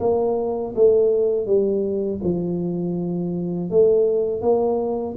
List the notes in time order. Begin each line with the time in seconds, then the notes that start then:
0.00 A#3
0.75 A3
1.46 G3
2.23 F3
3.70 A3
4.41 A#3